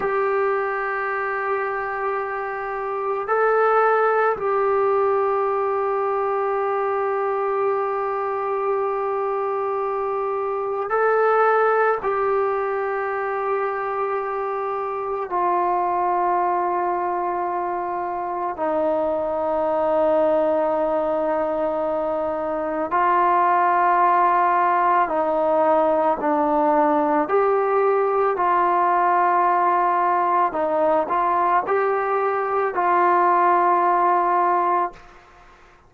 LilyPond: \new Staff \with { instrumentName = "trombone" } { \time 4/4 \tempo 4 = 55 g'2. a'4 | g'1~ | g'2 a'4 g'4~ | g'2 f'2~ |
f'4 dis'2.~ | dis'4 f'2 dis'4 | d'4 g'4 f'2 | dis'8 f'8 g'4 f'2 | }